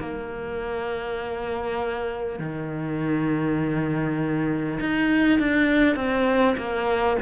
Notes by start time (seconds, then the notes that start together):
0.00 A#3
2.40 D#3
4.81 D#4
5.40 D4
5.96 C4
6.58 A#3